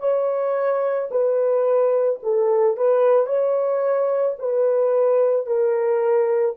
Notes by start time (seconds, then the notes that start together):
0.00 C#5
1.11 B4
2.23 A4
2.77 B4
3.27 C#5
4.39 B4
5.47 A#4